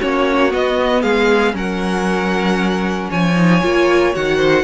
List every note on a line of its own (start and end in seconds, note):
0.00 0.53 A#3
0.00 0.51 C#4
0.00 1.02 F#4
0.00 0.53 C#5
0.51 1.53 B3
0.51 1.04 B3
0.51 1.02 D#5
1.02 1.54 G#3
1.02 1.53 G#4
1.02 1.54 F5
1.53 3.09 F#3
1.53 3.34 C#4
1.53 3.10 A#4
1.53 3.12 F#5
3.10 3.63 F3
3.10 4.38 C#5
3.10 4.15 G#5
3.36 3.61 D#4
3.62 4.15 A#3
3.62 4.14 F4
4.14 4.64 D#3
4.14 4.64 F#4
4.14 4.64 F#5
4.38 4.64 C5